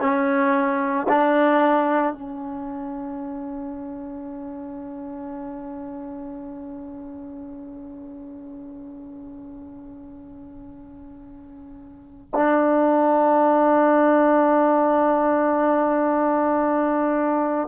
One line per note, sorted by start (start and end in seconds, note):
0.00 1.07 C#4
1.09 2.13 D4
2.13 12.31 C#4
12.34 17.68 D4